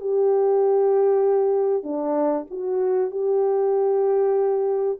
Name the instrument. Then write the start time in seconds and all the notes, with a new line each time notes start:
horn
0.00 G4
1.83 D4
2.50 F#4
3.11 G4